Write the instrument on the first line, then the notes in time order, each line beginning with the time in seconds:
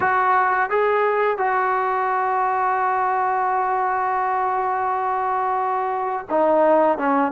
trombone
0.00 F#4
0.69 G#4
1.37 F#4
6.30 D#4
6.98 C#4